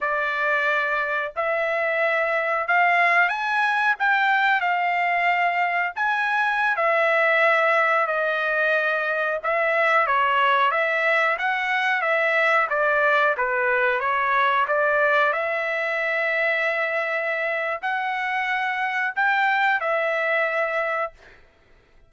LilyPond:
\new Staff \with { instrumentName = "trumpet" } { \time 4/4 \tempo 4 = 91 d''2 e''2 | f''4 gis''4 g''4 f''4~ | f''4 gis''4~ gis''16 e''4.~ e''16~ | e''16 dis''2 e''4 cis''8.~ |
cis''16 e''4 fis''4 e''4 d''8.~ | d''16 b'4 cis''4 d''4 e''8.~ | e''2. fis''4~ | fis''4 g''4 e''2 | }